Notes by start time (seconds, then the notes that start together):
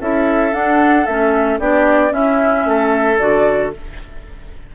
0.00 C#4 E4 A4 E5
0.52 D4 F#5
1.06 A3 C#4 E5
1.59 B3 D4 G4 D5
2.10 C#4 E4 E5
2.65 A3 A4
3.18 D3 F#4 D5